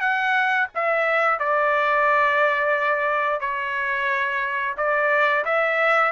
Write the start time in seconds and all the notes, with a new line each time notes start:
0.00 F#5
0.74 E5
1.39 D5
3.40 C#5
4.77 D5
5.45 E5